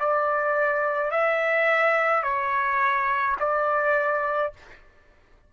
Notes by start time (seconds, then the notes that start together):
0.00 D5
1.11 E5
2.23 C#5
3.40 D5